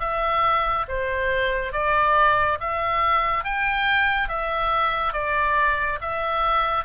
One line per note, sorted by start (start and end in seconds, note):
0.00 0.86 E5
0.88 1.72 C5
1.72 2.58 D5
2.60 3.44 E5
3.44 4.29 G5
4.29 5.13 E5
5.13 5.99 D5
6.01 6.85 E5